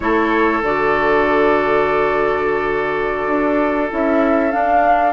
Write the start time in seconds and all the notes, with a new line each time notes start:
0.00 A3 E4 A4 C#5
0.61 D3 F#4 D5
3.27 D4
3.90 C#4 E4 E5
4.51 D4 F5